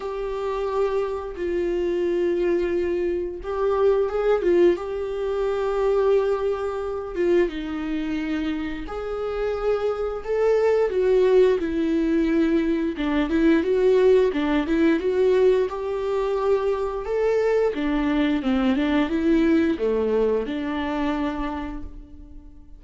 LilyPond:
\new Staff \with { instrumentName = "viola" } { \time 4/4 \tempo 4 = 88 g'2 f'2~ | f'4 g'4 gis'8 f'8 g'4~ | g'2~ g'8 f'8 dis'4~ | dis'4 gis'2 a'4 |
fis'4 e'2 d'8 e'8 | fis'4 d'8 e'8 fis'4 g'4~ | g'4 a'4 d'4 c'8 d'8 | e'4 a4 d'2 | }